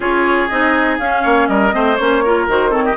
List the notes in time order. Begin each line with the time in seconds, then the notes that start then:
0.00 C#4 F4 G#4 C#5
0.48 C4 D#4 D#5
0.98 C#4 F5
1.22 A#3 C#5
1.48 G3 A#4 D#5
1.71 A3 C4 C5
1.96 A#3 C#4 C#5
2.24 F4 A#4
2.47 D#3 F#4 C5
2.70 C4 A4 C#5
2.85 G4 D#5